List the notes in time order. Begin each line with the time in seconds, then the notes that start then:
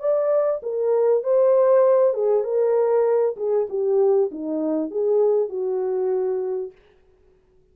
0.00 D5
0.63 A#4
1.24 C5
2.14 G#4
2.44 A#4
3.37 G#4
3.70 G4
4.32 D#4
4.91 G#4
5.49 F#4